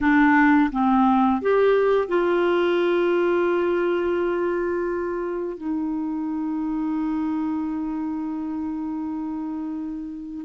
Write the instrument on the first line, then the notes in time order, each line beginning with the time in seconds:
clarinet
0.00 D4
0.71 C4
1.41 G4
2.08 F4
5.57 D#4